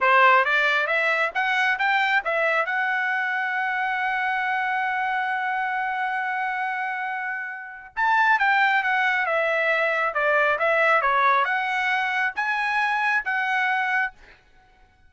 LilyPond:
\new Staff \with { instrumentName = "trumpet" } { \time 4/4 \tempo 4 = 136 c''4 d''4 e''4 fis''4 | g''4 e''4 fis''2~ | fis''1~ | fis''1~ |
fis''2 a''4 g''4 | fis''4 e''2 d''4 | e''4 cis''4 fis''2 | gis''2 fis''2 | }